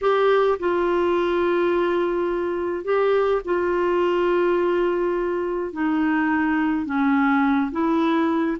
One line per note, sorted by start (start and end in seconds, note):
0.01 0.58 G4
0.59 2.84 F4
2.84 3.41 G4
3.44 5.72 F4
5.72 6.85 D#4
6.85 7.71 C#4
7.71 8.57 E4